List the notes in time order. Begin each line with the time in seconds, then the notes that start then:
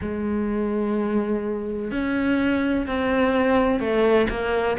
0.01 G#3
1.90 C#4
2.86 C4
3.80 A3
4.29 A#3